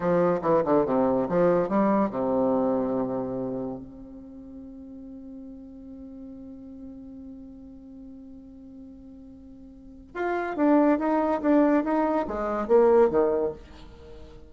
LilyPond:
\new Staff \with { instrumentName = "bassoon" } { \time 4/4 \tempo 4 = 142 f4 e8 d8 c4 f4 | g4 c2.~ | c4 c'2.~ | c'1~ |
c'1~ | c'1 | f'4 d'4 dis'4 d'4 | dis'4 gis4 ais4 dis4 | }